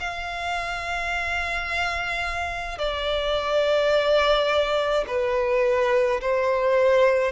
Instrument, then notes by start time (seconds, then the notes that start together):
violin
0.00 F5
2.78 D5
5.08 B4
6.21 C5